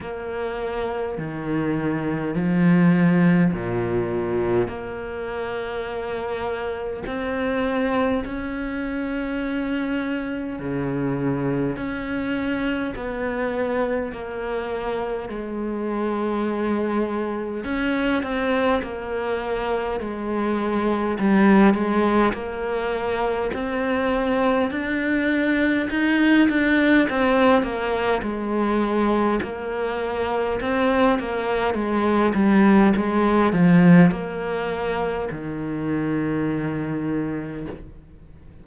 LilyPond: \new Staff \with { instrumentName = "cello" } { \time 4/4 \tempo 4 = 51 ais4 dis4 f4 ais,4 | ais2 c'4 cis'4~ | cis'4 cis4 cis'4 b4 | ais4 gis2 cis'8 c'8 |
ais4 gis4 g8 gis8 ais4 | c'4 d'4 dis'8 d'8 c'8 ais8 | gis4 ais4 c'8 ais8 gis8 g8 | gis8 f8 ais4 dis2 | }